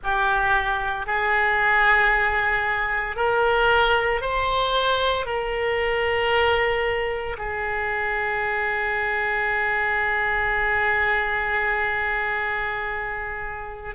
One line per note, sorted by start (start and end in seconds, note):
0.03 1.06 G4
1.06 3.16 G#4
3.16 4.21 A#4
4.21 5.26 C5
5.26 7.36 A#4
7.37 13.95 G#4